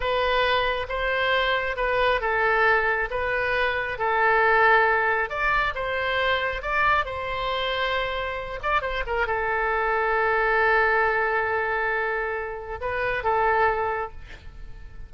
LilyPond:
\new Staff \with { instrumentName = "oboe" } { \time 4/4 \tempo 4 = 136 b'2 c''2 | b'4 a'2 b'4~ | b'4 a'2. | d''4 c''2 d''4 |
c''2.~ c''8 d''8 | c''8 ais'8 a'2.~ | a'1~ | a'4 b'4 a'2 | }